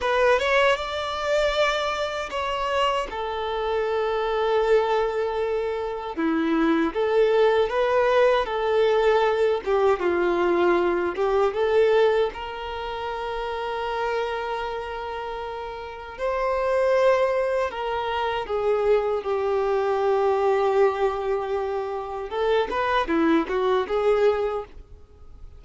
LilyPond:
\new Staff \with { instrumentName = "violin" } { \time 4/4 \tempo 4 = 78 b'8 cis''8 d''2 cis''4 | a'1 | e'4 a'4 b'4 a'4~ | a'8 g'8 f'4. g'8 a'4 |
ais'1~ | ais'4 c''2 ais'4 | gis'4 g'2.~ | g'4 a'8 b'8 e'8 fis'8 gis'4 | }